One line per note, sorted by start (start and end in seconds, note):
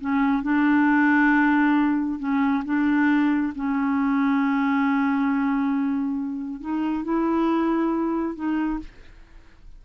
0.00 0.42 C#4
0.42 2.19 D4
2.19 2.63 C#4
2.65 3.53 D4
3.55 6.60 C#4
6.60 7.04 D#4
7.04 8.35 E4
8.35 8.79 D#4